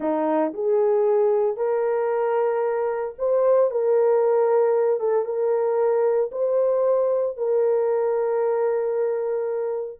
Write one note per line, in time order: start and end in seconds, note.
0.00 0.53 D#4
0.53 1.56 G#4
1.56 3.14 A#4
3.18 3.71 C5
3.71 5.00 A#4
5.00 5.25 A4
5.25 6.30 A#4
6.31 7.37 C5
7.37 10.00 A#4